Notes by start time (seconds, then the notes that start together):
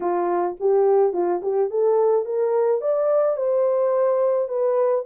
0.00 F4
0.60 G4
1.13 F4
1.42 G4
1.70 A4
2.25 A#4
2.81 D5
3.36 C5
4.48 B4